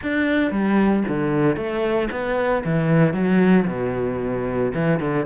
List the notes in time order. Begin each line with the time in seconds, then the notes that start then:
0.02 D4
0.51 G3
1.07 D3
1.56 A3
2.11 B3
2.64 E3
3.13 F#3
3.67 B2
4.74 E3
5.00 D3